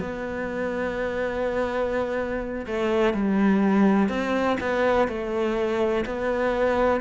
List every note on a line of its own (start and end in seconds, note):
0.00 2.66 B3
2.66 3.13 A3
3.13 4.09 G3
4.09 4.57 C4
4.60 5.08 B3
5.08 6.04 A3
6.05 7.00 B3